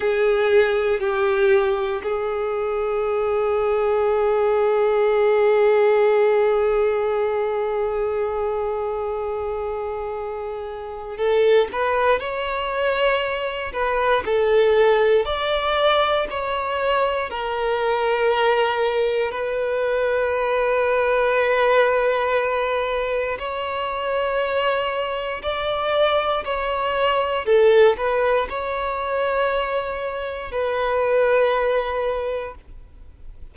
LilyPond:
\new Staff \with { instrumentName = "violin" } { \time 4/4 \tempo 4 = 59 gis'4 g'4 gis'2~ | gis'1~ | gis'2. a'8 b'8 | cis''4. b'8 a'4 d''4 |
cis''4 ais'2 b'4~ | b'2. cis''4~ | cis''4 d''4 cis''4 a'8 b'8 | cis''2 b'2 | }